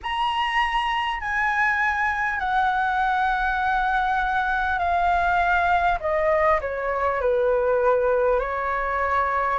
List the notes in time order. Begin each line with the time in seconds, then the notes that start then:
0.03 A#5
1.20 G#5
2.39 F#5
4.78 F5
5.99 D#5
6.60 C#5
7.21 B4
8.39 C#5